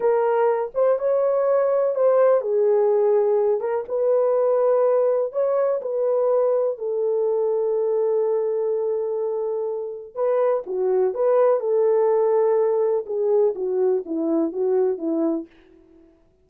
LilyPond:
\new Staff \with { instrumentName = "horn" } { \time 4/4 \tempo 4 = 124 ais'4. c''8 cis''2 | c''4 gis'2~ gis'8 ais'8 | b'2. cis''4 | b'2 a'2~ |
a'1~ | a'4 b'4 fis'4 b'4 | a'2. gis'4 | fis'4 e'4 fis'4 e'4 | }